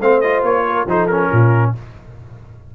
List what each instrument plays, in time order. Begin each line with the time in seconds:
0.00 tuba A3, trombone C4, horn C5, trumpet F5
0.21 trombone F4, trumpet D#5
0.43 tuba A#3, trumpet C#5
0.66 horn A#4
0.86 tuba F3, trombone D#4, horn A4, trumpet C5
1.07 trombone C#4, trumpet A#4
1.30 tuba A#2, horn F4